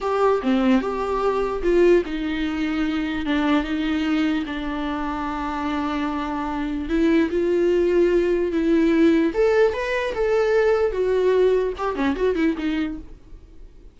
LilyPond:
\new Staff \with { instrumentName = "viola" } { \time 4/4 \tempo 4 = 148 g'4 c'4 g'2 | f'4 dis'2. | d'4 dis'2 d'4~ | d'1~ |
d'4 e'4 f'2~ | f'4 e'2 a'4 | b'4 a'2 fis'4~ | fis'4 g'8 cis'8 fis'8 e'8 dis'4 | }